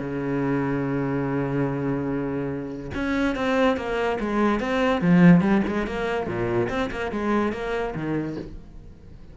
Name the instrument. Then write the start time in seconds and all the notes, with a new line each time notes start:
cello
0.00 C#3
2.95 C#4
3.36 C4
3.77 A#3
4.20 G#3
4.60 C4
5.02 F3
5.41 G3
5.67 G#3
5.87 A#3
6.27 A#2
6.69 C4
6.91 A#3
7.12 G#3
7.53 A#3
7.95 D#3